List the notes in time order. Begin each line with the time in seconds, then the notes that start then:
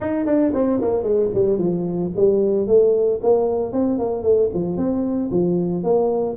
0.00 D#4
0.25 D4
0.54 C4
0.81 A#3
1.03 G#3
1.33 G3
1.58 F3
2.16 G3
2.67 A3
3.22 A#3
3.72 C4
3.98 A#3
4.22 A3
4.53 F3
4.76 C4
5.31 F3
5.83 A#3